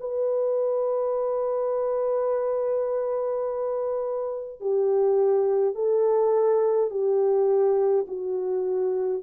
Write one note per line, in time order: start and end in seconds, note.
0.00 4.60 B4
4.60 5.75 G4
5.75 6.90 A4
6.90 8.06 G4
8.07 9.23 F#4